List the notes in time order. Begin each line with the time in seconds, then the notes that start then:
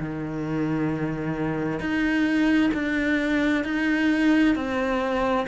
0.00 D#3
1.80 D#4
2.74 D4
3.64 D#4
4.55 C4